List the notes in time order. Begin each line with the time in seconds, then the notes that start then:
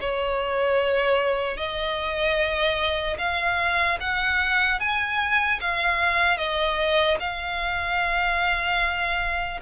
0.00 C#5
1.57 D#5
3.18 F5
4.00 F#5
4.80 G#5
5.60 F5
6.37 D#5
7.20 F5